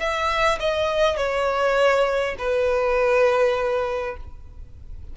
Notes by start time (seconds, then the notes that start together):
0.00 E5
0.60 D#5
1.17 C#5
2.39 B4